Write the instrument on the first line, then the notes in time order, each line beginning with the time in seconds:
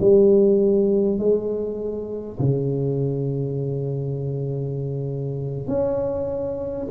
tuba
0.00 G3
1.18 G#3
2.39 C#3
5.67 C#4